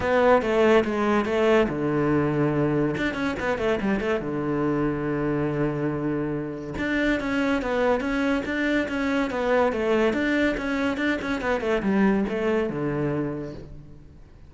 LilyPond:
\new Staff \with { instrumentName = "cello" } { \time 4/4 \tempo 4 = 142 b4 a4 gis4 a4 | d2. d'8 cis'8 | b8 a8 g8 a8 d2~ | d1 |
d'4 cis'4 b4 cis'4 | d'4 cis'4 b4 a4 | d'4 cis'4 d'8 cis'8 b8 a8 | g4 a4 d2 | }